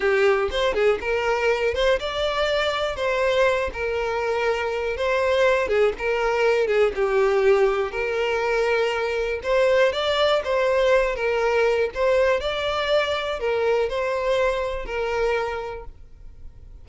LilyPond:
\new Staff \with { instrumentName = "violin" } { \time 4/4 \tempo 4 = 121 g'4 c''8 gis'8 ais'4. c''8 | d''2 c''4. ais'8~ | ais'2 c''4. gis'8 | ais'4. gis'8 g'2 |
ais'2. c''4 | d''4 c''4. ais'4. | c''4 d''2 ais'4 | c''2 ais'2 | }